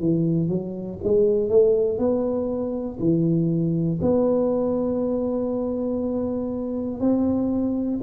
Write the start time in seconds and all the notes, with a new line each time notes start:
0.00 E3
0.49 F#3
1.04 G#3
1.50 A3
1.99 B3
3.00 E3
4.02 B3
7.01 C4